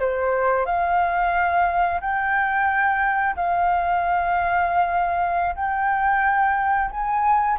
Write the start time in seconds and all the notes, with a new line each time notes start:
0.00 C5
0.66 F5
2.01 G5
3.36 F5
5.56 G5
6.91 G#5